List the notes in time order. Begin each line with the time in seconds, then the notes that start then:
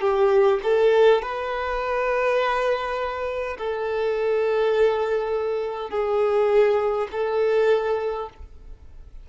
0.00 G4
0.63 A4
1.21 B4
3.58 A4
5.89 G#4
7.11 A4